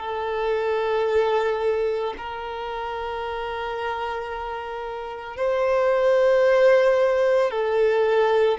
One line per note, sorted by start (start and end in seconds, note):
0.00 2.14 A4
2.18 5.37 A#4
5.37 7.51 C5
7.51 8.58 A4